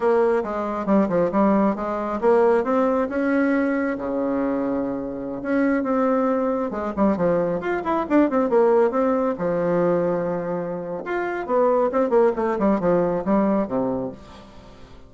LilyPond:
\new Staff \with { instrumentName = "bassoon" } { \time 4/4 \tempo 4 = 136 ais4 gis4 g8 f8 g4 | gis4 ais4 c'4 cis'4~ | cis'4 cis2.~ | cis16 cis'4 c'2 gis8 g16~ |
g16 f4 f'8 e'8 d'8 c'8 ais8.~ | ais16 c'4 f2~ f8.~ | f4 f'4 b4 c'8 ais8 | a8 g8 f4 g4 c4 | }